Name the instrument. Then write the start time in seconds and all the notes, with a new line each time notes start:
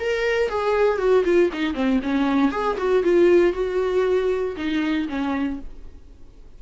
viola
0.00 A#4
0.49 G#4
0.99 F#4
1.25 F4
1.53 D#4
1.75 C4
2.03 C#4
2.52 G#4
2.78 F#4
3.03 F4
3.53 F#4
4.57 D#4
5.09 C#4